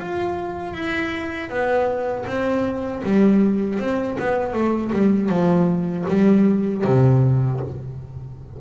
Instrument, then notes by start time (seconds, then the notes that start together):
double bass
0.00 F4
0.74 E4
1.50 B3
2.27 C4
3.04 G3
3.79 C4
4.19 B3
4.54 A3
4.93 G3
5.29 F3
6.09 G3
6.85 C3